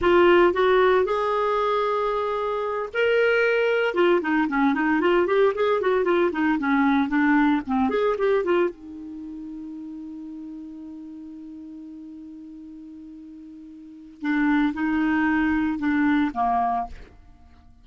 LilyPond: \new Staff \with { instrumentName = "clarinet" } { \time 4/4 \tempo 4 = 114 f'4 fis'4 gis'2~ | gis'4. ais'2 f'8 | dis'8 cis'8 dis'8 f'8 g'8 gis'8 fis'8 f'8 | dis'8 cis'4 d'4 c'8 gis'8 g'8 |
f'8 dis'2.~ dis'8~ | dis'1~ | dis'2. d'4 | dis'2 d'4 ais4 | }